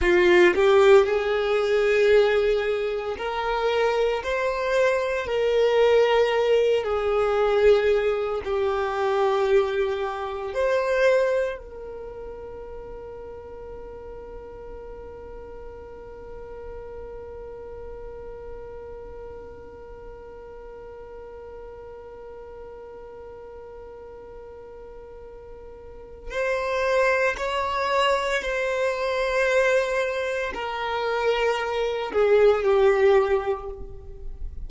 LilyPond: \new Staff \with { instrumentName = "violin" } { \time 4/4 \tempo 4 = 57 f'8 g'8 gis'2 ais'4 | c''4 ais'4. gis'4. | g'2 c''4 ais'4~ | ais'1~ |
ais'1~ | ais'1~ | ais'4 c''4 cis''4 c''4~ | c''4 ais'4. gis'8 g'4 | }